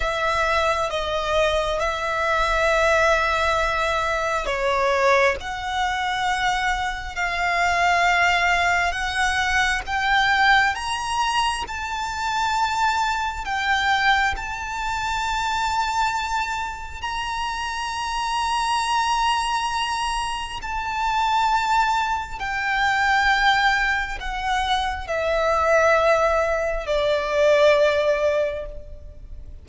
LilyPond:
\new Staff \with { instrumentName = "violin" } { \time 4/4 \tempo 4 = 67 e''4 dis''4 e''2~ | e''4 cis''4 fis''2 | f''2 fis''4 g''4 | ais''4 a''2 g''4 |
a''2. ais''4~ | ais''2. a''4~ | a''4 g''2 fis''4 | e''2 d''2 | }